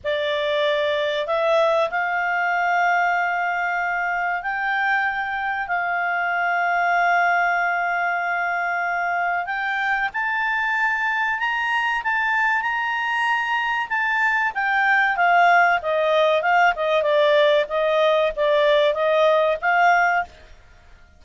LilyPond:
\new Staff \with { instrumentName = "clarinet" } { \time 4/4 \tempo 4 = 95 d''2 e''4 f''4~ | f''2. g''4~ | g''4 f''2.~ | f''2. g''4 |
a''2 ais''4 a''4 | ais''2 a''4 g''4 | f''4 dis''4 f''8 dis''8 d''4 | dis''4 d''4 dis''4 f''4 | }